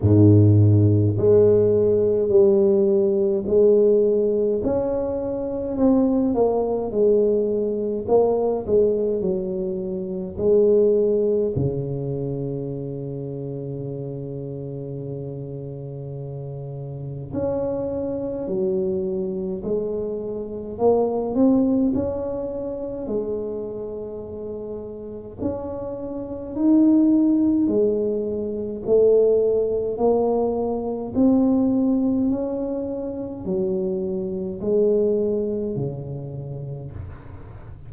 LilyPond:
\new Staff \with { instrumentName = "tuba" } { \time 4/4 \tempo 4 = 52 gis,4 gis4 g4 gis4 | cis'4 c'8 ais8 gis4 ais8 gis8 | fis4 gis4 cis2~ | cis2. cis'4 |
fis4 gis4 ais8 c'8 cis'4 | gis2 cis'4 dis'4 | gis4 a4 ais4 c'4 | cis'4 fis4 gis4 cis4 | }